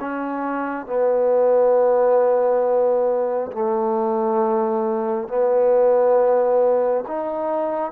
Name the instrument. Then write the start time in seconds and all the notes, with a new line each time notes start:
trombone
0.00 C#4
0.87 B3
3.52 A3
5.28 B3
7.07 D#4